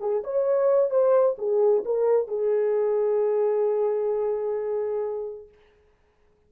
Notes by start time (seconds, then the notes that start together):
0.00 G#4
0.23 C#5
0.90 C5
1.38 G#4
1.85 A#4
2.28 G#4